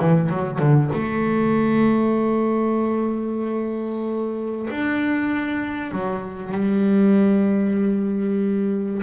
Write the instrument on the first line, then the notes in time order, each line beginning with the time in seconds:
double bass
0.00 E3
0.30 F#3
0.59 D3
0.93 A3
4.71 D4
5.92 F#3
6.53 G3